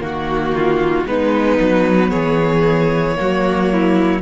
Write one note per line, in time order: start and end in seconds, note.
0.00 1.05 D#3
0.00 1.05 A#3
0.00 1.07 F#4
0.00 0.55 F#4
0.55 1.08 F4
1.06 1.59 G#3
1.06 3.16 B3
1.06 2.10 D#4
1.06 2.10 B4
1.61 2.12 F#3
2.10 3.17 E3
2.10 3.15 G#4
2.10 4.21 C#5
3.16 4.22 F#3
3.16 4.21 A#3
3.16 3.73 F#4
3.73 4.22 E4